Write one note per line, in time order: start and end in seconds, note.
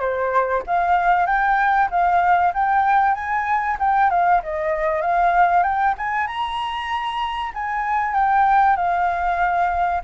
0.00 0.62 C5
0.66 1.26 F5
1.26 1.88 G5
1.90 2.53 F5
2.53 3.14 G5
3.14 3.77 G#5
3.79 4.10 G5
4.10 4.41 F5
4.43 5.01 D#5
5.01 5.63 F5
5.63 5.94 G5
5.97 6.27 G#5
6.27 7.52 A#5
7.54 8.14 G#5
8.14 8.76 G5
8.76 10.01 F5